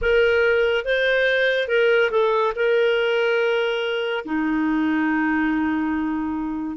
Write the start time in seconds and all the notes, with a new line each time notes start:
0.01 A#4
0.85 C5
1.67 A#4
2.10 A4
2.55 A#4
4.25 D#4